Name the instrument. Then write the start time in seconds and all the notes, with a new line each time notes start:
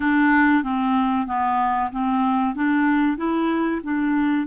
clarinet
0.00 D4
0.63 C4
1.26 B3
1.91 C4
2.55 D4
3.17 E4
3.83 D4